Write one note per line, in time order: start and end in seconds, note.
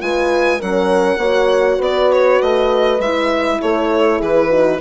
0.00 0.61 G#3
0.00 0.60 F4
0.00 0.59 B4
0.00 0.61 G#5
0.59 1.17 F#3
0.59 1.20 C#4
0.59 1.19 A#4
0.59 1.82 F#5
1.17 1.77 A#3
1.17 3.02 F#4
1.17 1.79 C#5
1.79 2.41 B3
1.79 3.59 B4
1.79 2.12 D5
2.13 2.42 C#5
2.42 2.99 A3
2.42 3.01 D#5
2.99 3.59 G#3
2.99 4.50 E4
2.99 3.61 E5
3.60 4.21 A3
3.60 4.18 A4
3.60 4.21 C#5
4.18 4.81 E3
4.18 4.48 G#4
4.18 4.81 B4
4.50 4.80 D#4
4.50 4.80 F#4